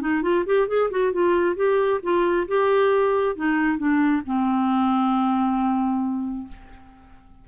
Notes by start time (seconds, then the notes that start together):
0.00 D#4
0.22 F4
0.46 G4
0.67 G#4
0.90 F#4
1.12 F4
1.56 G4
2.02 F4
2.47 G4
3.36 D#4
3.78 D4
4.25 C4